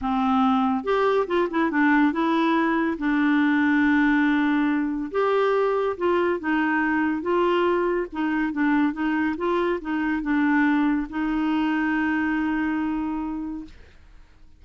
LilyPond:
\new Staff \with { instrumentName = "clarinet" } { \time 4/4 \tempo 4 = 141 c'2 g'4 f'8 e'8 | d'4 e'2 d'4~ | d'1 | g'2 f'4 dis'4~ |
dis'4 f'2 dis'4 | d'4 dis'4 f'4 dis'4 | d'2 dis'2~ | dis'1 | }